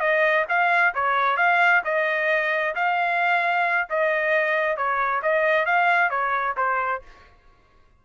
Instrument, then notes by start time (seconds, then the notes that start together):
trumpet
0.00 D#5
0.49 F5
0.94 C#5
1.37 F5
1.85 D#5
2.75 F5
3.90 D#5
4.77 C#5
5.22 D#5
5.66 F5
6.10 C#5
6.57 C5